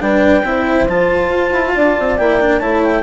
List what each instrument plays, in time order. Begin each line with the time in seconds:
0.00 bassoon G3, cello D4, horn B4, clarinet G5
0.43 bassoon C4, cello E4, horn C5
0.88 bassoon F3, cello F4, clarinet A5
1.29 bassoon F4
1.52 bassoon E4
1.74 bassoon D4, horn D5
1.99 bassoon C4
2.18 bassoon A#3, cello E4, clarinet G5
2.41 cello D4
2.59 bassoon A3, cello E4, horn C#5, clarinet A5
2.84 clarinet G5